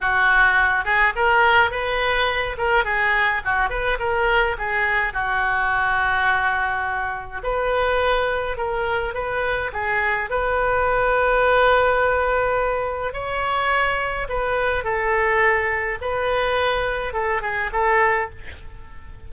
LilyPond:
\new Staff \with { instrumentName = "oboe" } { \time 4/4 \tempo 4 = 105 fis'4. gis'8 ais'4 b'4~ | b'8 ais'8 gis'4 fis'8 b'8 ais'4 | gis'4 fis'2.~ | fis'4 b'2 ais'4 |
b'4 gis'4 b'2~ | b'2. cis''4~ | cis''4 b'4 a'2 | b'2 a'8 gis'8 a'4 | }